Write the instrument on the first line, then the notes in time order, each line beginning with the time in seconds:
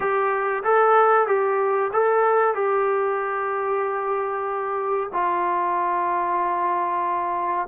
trombone
0.00 G4
0.63 A4
1.27 G4
1.92 A4
2.54 G4
5.12 F4